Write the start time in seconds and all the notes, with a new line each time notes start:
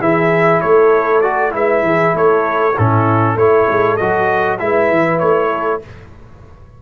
0.00 E3 E4 G#4 E5
0.61 A3 A4 C#5
1.21 F#4 D5
1.51 G#3 E4 B4 E5
1.83 E3 G#4
2.14 A3 A4 C#5
2.74 A2 C#4 E4 A4
3.35 A3 E4 A4 C#5
3.69 G#3
3.97 F#3 F#4 D#5
4.59 G#3 E4 B4 E5
4.91 E3
5.19 A3 C#5
5.50 A4